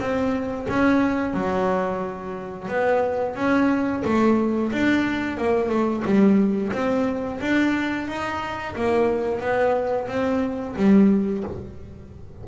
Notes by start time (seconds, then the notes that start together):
0.00 C4
0.70 C#4
1.34 F#3
2.69 B3
3.36 C#4
4.05 A3
4.73 D4
5.38 A#3
5.70 A3
6.06 G3
6.73 C4
7.41 D4
8.08 D#4
8.76 A#3
9.41 B3
10.08 C4
10.77 G3